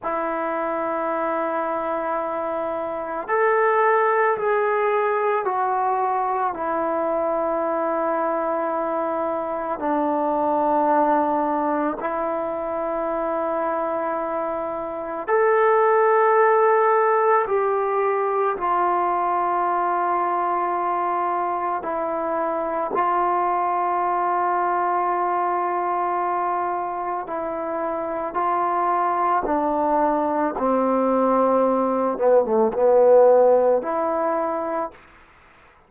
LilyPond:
\new Staff \with { instrumentName = "trombone" } { \time 4/4 \tempo 4 = 55 e'2. a'4 | gis'4 fis'4 e'2~ | e'4 d'2 e'4~ | e'2 a'2 |
g'4 f'2. | e'4 f'2.~ | f'4 e'4 f'4 d'4 | c'4. b16 a16 b4 e'4 | }